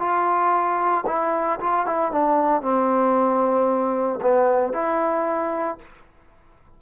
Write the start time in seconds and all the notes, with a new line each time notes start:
0.00 F4
1.07 E4
1.61 F4
1.87 E4
2.12 D4
2.62 C4
4.22 B3
4.73 E4